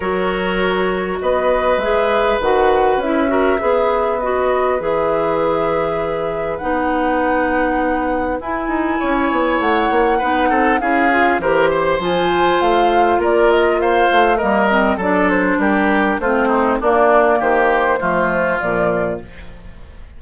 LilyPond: <<
  \new Staff \with { instrumentName = "flute" } { \time 4/4 \tempo 4 = 100 cis''2 dis''4 e''4 | fis''4 e''2 dis''4 | e''2. fis''4~ | fis''2 gis''2 |
fis''2 f''4 c''4 | gis''4 f''4 d''8 dis''8 f''4 | dis''4 d''8 c''8 ais'4 c''4 | d''4 c''2 d''4 | }
  \new Staff \with { instrumentName = "oboe" } { \time 4/4 ais'2 b'2~ | b'4. ais'8 b'2~ | b'1~ | b'2. cis''4~ |
cis''4 b'8 a'8 gis'4 ais'8 c''8~ | c''2 ais'4 c''4 | ais'4 a'4 g'4 f'8 dis'8 | d'4 g'4 f'2 | }
  \new Staff \with { instrumentName = "clarinet" } { \time 4/4 fis'2. gis'4 | fis'4 e'8 fis'8 gis'4 fis'4 | gis'2. dis'4~ | dis'2 e'2~ |
e'4 dis'4 e'8 f'8 g'4 | f'1 | ais8 c'8 d'2 c'4 | ais2 a4 f4 | }
  \new Staff \with { instrumentName = "bassoon" } { \time 4/4 fis2 b4 gis4 | dis4 cis'4 b2 | e2. b4~ | b2 e'8 dis'8 cis'8 b8 |
a8 ais8 b8 c'8 cis'4 e4 | f4 a4 ais4. a8 | g4 fis4 g4 a4 | ais4 dis4 f4 ais,4 | }
>>